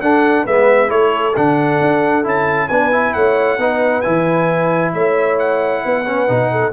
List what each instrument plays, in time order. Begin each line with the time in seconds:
0.00 tuba D4, trombone D4, horn A4, trumpet F#5
0.45 tuba G#3, trombone B3, horn B4, trumpet E5
0.88 tuba A3, trombone E4, horn A4, trumpet C#5
1.36 tuba D3, trombone D4, trumpet F#5
1.81 tuba D4
2.24 tuba C#4, trombone E4, trumpet A5
2.69 tuba B3, trombone D4, horn B4, trumpet G#5
2.92 trombone E4
3.13 tuba A3, horn C#5, trumpet F#5
3.58 tuba B3, trombone D#4, horn B4
4.01 tuba E3, trombone E4, trumpet G#5
4.94 tuba A3, horn C#5, trumpet E5
5.39 trumpet F#5
5.85 tuba B3, horn B4
6.06 trombone C#4
6.28 tuba B2, trombone D#4
6.52 horn A4